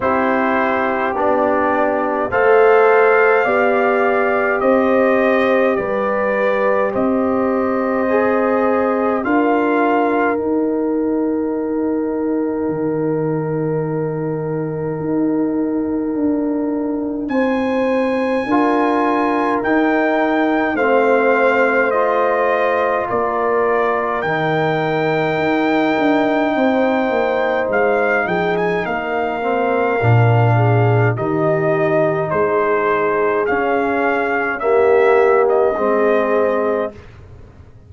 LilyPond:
<<
  \new Staff \with { instrumentName = "trumpet" } { \time 4/4 \tempo 4 = 52 c''4 d''4 f''2 | dis''4 d''4 dis''2 | f''4 g''2.~ | g''2. gis''4~ |
gis''4 g''4 f''4 dis''4 | d''4 g''2. | f''8 g''16 gis''16 f''2 dis''4 | c''4 f''4 e''8. dis''4~ dis''16 | }
  \new Staff \with { instrumentName = "horn" } { \time 4/4 g'2 c''4 d''4 | c''4 b'4 c''2 | ais'1~ | ais'2. c''4 |
ais'2 c''2 | ais'2. c''4~ | c''8 gis'8 ais'4. gis'8 g'4 | gis'2 g'4 gis'4 | }
  \new Staff \with { instrumentName = "trombone" } { \time 4/4 e'4 d'4 a'4 g'4~ | g'2. gis'4 | f'4 dis'2.~ | dis'1 |
f'4 dis'4 c'4 f'4~ | f'4 dis'2.~ | dis'4. c'8 d'4 dis'4~ | dis'4 cis'4 ais4 c'4 | }
  \new Staff \with { instrumentName = "tuba" } { \time 4/4 c'4 b4 a4 b4 | c'4 g4 c'2 | d'4 dis'2 dis4~ | dis4 dis'4 d'4 c'4 |
d'4 dis'4 a2 | ais4 dis4 dis'8 d'8 c'8 ais8 | gis8 f8 ais4 ais,4 dis4 | gis4 cis'2 gis4 | }
>>